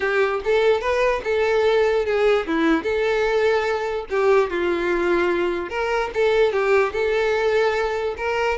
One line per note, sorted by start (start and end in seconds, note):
0.00 0.41 G4
0.44 0.80 A4
0.80 1.21 B4
1.24 2.05 A4
2.05 2.46 G#4
2.47 2.83 E4
2.83 4.05 A4
4.10 4.50 G4
4.50 5.69 F4
5.69 6.10 A#4
6.14 6.52 A4
6.52 6.93 G4
6.93 8.15 A4
8.17 8.57 A#4